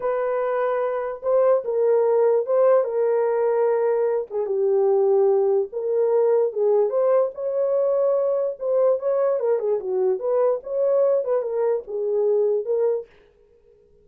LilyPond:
\new Staff \with { instrumentName = "horn" } { \time 4/4 \tempo 4 = 147 b'2. c''4 | ais'2 c''4 ais'4~ | ais'2~ ais'8 gis'8 g'4~ | g'2 ais'2 |
gis'4 c''4 cis''2~ | cis''4 c''4 cis''4 ais'8 gis'8 | fis'4 b'4 cis''4. b'8 | ais'4 gis'2 ais'4 | }